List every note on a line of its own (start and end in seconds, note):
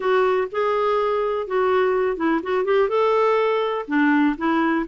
0.00 0.48 F#4
0.51 1.47 G#4
1.47 2.16 F#4
2.16 2.40 E4
2.42 2.64 F#4
2.64 2.88 G4
2.88 3.85 A4
3.87 4.36 D4
4.37 4.85 E4